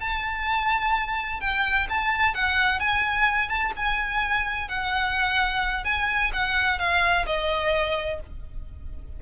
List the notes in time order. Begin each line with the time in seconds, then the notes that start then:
0.00 A5
1.40 G5
1.89 A5
2.34 F#5
2.79 G#5
3.49 A5
3.76 G#5
4.68 F#5
5.84 G#5
6.33 F#5
6.79 F5
7.26 D#5